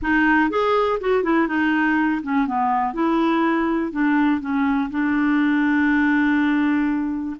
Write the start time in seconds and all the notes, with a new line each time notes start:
0.01 D#4
0.50 G#4
1.00 F#4
1.23 E4
1.47 D#4
2.22 C#4
2.47 B3
2.93 E4
3.92 D4
4.40 C#4
4.90 D4